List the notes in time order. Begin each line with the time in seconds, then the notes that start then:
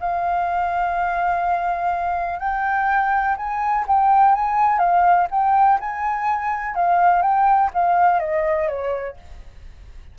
0.00 F5
2.40 G5
3.37 G#5
3.87 G5
4.35 G#5
4.79 F5
5.31 G5
5.80 G#5
6.75 F5
7.22 G5
7.74 F5
8.20 D#5
8.68 C#5